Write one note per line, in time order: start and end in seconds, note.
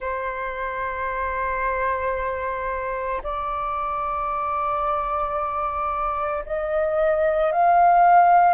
0.00 3.21 C5
3.23 6.44 D5
6.45 7.52 D#5
7.52 8.54 F5